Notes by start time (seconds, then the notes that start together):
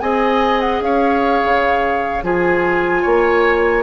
0.00 C4 G#4 D#5 G#5
0.61 F#5
0.81 C#4 C#5 F5
1.44 C#3
2.23 F3 F4 G#4 G#5
3.03 A#3 C#5